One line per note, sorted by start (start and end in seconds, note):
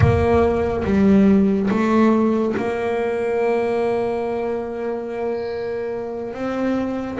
0.00 0.83 A#3
0.84 1.69 G3
1.70 2.55 A3
2.57 6.33 A#3
6.33 7.18 C4